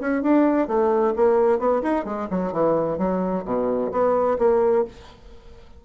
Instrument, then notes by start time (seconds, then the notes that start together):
bassoon
0.00 C#4
0.22 D4
0.68 A3
1.16 A#3
1.59 B3
1.82 D#4
2.05 G#3
2.30 F#3
2.53 E3
2.98 F#3
3.45 B2
3.91 B3
4.38 A#3